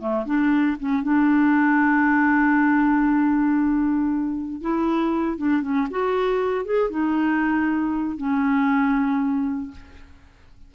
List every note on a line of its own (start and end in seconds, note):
0.00 0.26 A3
0.26 0.77 D4
0.80 1.03 C#4
1.03 4.62 D4
4.62 5.38 E4
5.38 5.62 D4
5.62 5.88 C#4
5.91 6.65 F#4
6.65 6.90 G#4
6.90 8.17 D#4
8.17 9.71 C#4